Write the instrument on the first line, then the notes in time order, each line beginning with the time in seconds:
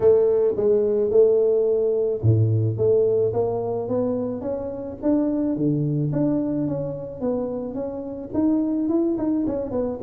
tuba
0.00 A3
0.56 G#3
1.10 A3
2.22 A2
2.77 A3
3.33 A#3
3.88 B3
4.41 C#4
5.02 D4
5.56 D3
6.12 D4
6.67 C#4
7.20 B3
7.74 C#4
8.33 D#4
8.89 E4
9.18 D#4
9.46 C#4
9.71 B3